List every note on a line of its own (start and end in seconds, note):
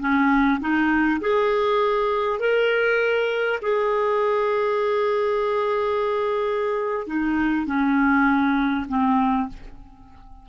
0.00 0.60 C#4
0.60 1.20 D#4
1.21 2.40 G#4
2.40 3.60 A#4
3.62 7.07 G#4
7.07 7.66 D#4
7.66 8.86 C#4
8.89 9.49 C4